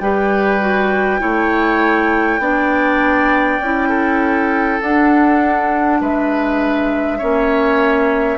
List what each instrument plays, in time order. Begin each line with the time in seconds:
0.00 bassoon G3, clarinet G4, oboe B4, flute G5
0.60 clarinet F#4
1.20 bassoon A3, clarinet E4, oboe C#5
2.39 bassoon B3, clarinet D4, oboe D5
3.59 bassoon C#4, clarinet E4
3.89 oboe A4
4.80 clarinet D4, bassoon D4, flute F#5
6.00 bassoon G#3, oboe B4, flute E5
7.18 bassoon A#3, clarinet C#4, oboe C#5